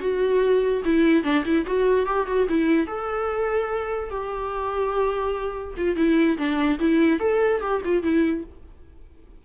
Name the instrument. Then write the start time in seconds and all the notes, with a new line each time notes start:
viola
0.00 F#4
0.85 E4
1.23 D4
1.45 E4
1.66 F#4
2.06 G4
2.27 F#4
2.49 E4
2.87 A4
4.10 G4
5.77 F4
5.96 E4
6.38 D4
6.79 E4
7.20 A4
7.61 G4
7.85 F4
8.03 E4